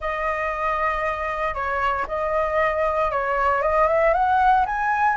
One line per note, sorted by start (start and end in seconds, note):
0.00 1.54 D#5
1.54 2.06 C#5
2.07 3.11 D#5
3.11 3.61 C#5
3.61 3.87 D#5
3.87 4.13 E5
4.13 4.65 F#5
4.66 5.17 G#5